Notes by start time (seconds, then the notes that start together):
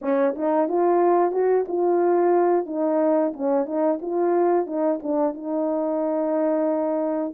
0.01 C#4
0.35 D#4
0.68 F4
1.32 F#4
1.68 F4
2.65 D#4
3.33 C#4
3.65 D#4
4.01 F4
4.66 D#4
5.02 D4
5.34 D#4